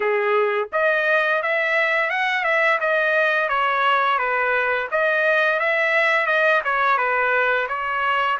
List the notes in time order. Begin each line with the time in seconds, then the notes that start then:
0.00 G#4
0.72 D#5
1.42 E5
2.09 F#5
2.44 E5
2.80 D#5
3.49 C#5
4.18 B4
4.91 D#5
5.59 E5
6.26 D#5
6.64 C#5
6.97 B4
7.68 C#5